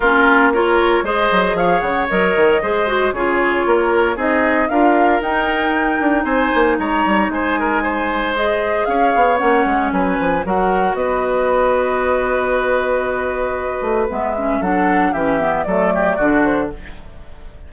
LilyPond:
<<
  \new Staff \with { instrumentName = "flute" } { \time 4/4 \tempo 4 = 115 ais'4 cis''4 dis''4 f''8 fis''8 | dis''2 cis''2 | dis''4 f''4 g''2 | gis''4 ais''4 gis''2 |
dis''4 f''4 fis''4 gis''4 | fis''4 dis''2.~ | dis''2. e''4 | fis''4 e''4 d''4. c''8 | }
  \new Staff \with { instrumentName = "oboe" } { \time 4/4 f'4 ais'4 c''4 cis''4~ | cis''4 c''4 gis'4 ais'4 | gis'4 ais'2. | c''4 cis''4 c''8 ais'8 c''4~ |
c''4 cis''2 b'4 | ais'4 b'2.~ | b'1 | a'4 g'4 a'8 g'8 fis'4 | }
  \new Staff \with { instrumentName = "clarinet" } { \time 4/4 cis'4 f'4 gis'2 | ais'4 gis'8 fis'8 f'2 | dis'4 f'4 dis'2~ | dis'1 |
gis'2 cis'2 | fis'1~ | fis'2. b8 cis'8 | d'4 cis'8 b8 a4 d'4 | }
  \new Staff \with { instrumentName = "bassoon" } { \time 4/4 ais2 gis8 fis8 f8 cis8 | fis8 dis8 gis4 cis4 ais4 | c'4 d'4 dis'4. d'8 | c'8 ais8 gis8 g8 gis2~ |
gis4 cis'8 b8 ais8 gis8 fis8 f8 | fis4 b2.~ | b2~ b8 a8 gis4 | fis4 e4 fis4 d4 | }
>>